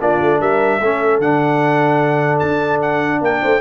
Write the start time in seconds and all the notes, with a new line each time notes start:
0.00 A#3 D4 F4 D5
0.21 A3
0.40 G3 A#4 E5
0.79 A3 C#4 A4
1.19 D3 D4 F#5
2.39 D4 A5
2.82 F#5
3.21 A#3 A#4 G5
3.42 A3 C5